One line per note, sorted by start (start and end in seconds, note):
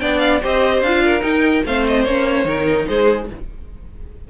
0.00 0.42 B3
0.00 0.41 D4
0.00 0.42 D5
0.00 0.19 G5
0.19 0.39 F5
0.42 0.82 C4
0.42 0.84 G4
0.42 1.03 C5
0.42 0.82 D#5
0.82 1.23 D4
0.82 1.20 F4
0.82 1.23 F5
1.04 1.65 A#4
1.20 1.61 D#4
1.20 1.64 D#4
1.20 1.64 G5
1.65 2.06 A3
1.65 2.07 C4
1.65 2.47 C5
1.65 1.87 F5
1.87 2.05 D#5
2.05 2.45 A#3
2.05 2.46 C#4
2.05 2.86 C#5
2.45 2.85 D#3
2.45 3.27 D#4
2.45 2.88 A#4
2.87 3.30 G#3
2.87 3.29 G#4
2.87 3.28 C5